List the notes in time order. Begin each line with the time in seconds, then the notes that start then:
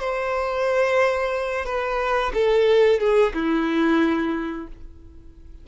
0.00 C5
1.65 B4
2.34 A4
3.00 G#4
3.34 E4